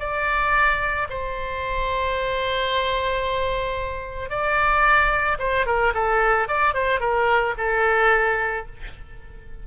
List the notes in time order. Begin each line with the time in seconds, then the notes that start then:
0.00 D5
1.10 C5
4.30 D5
5.39 C5
5.67 A#4
5.95 A4
6.48 D5
6.74 C5
7.01 A#4
7.58 A4